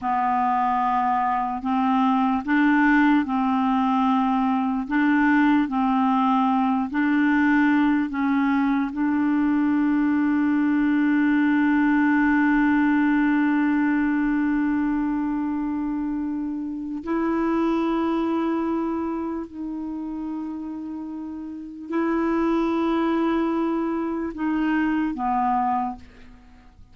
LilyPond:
\new Staff \with { instrumentName = "clarinet" } { \time 4/4 \tempo 4 = 74 b2 c'4 d'4 | c'2 d'4 c'4~ | c'8 d'4. cis'4 d'4~ | d'1~ |
d'1~ | d'4 e'2. | dis'2. e'4~ | e'2 dis'4 b4 | }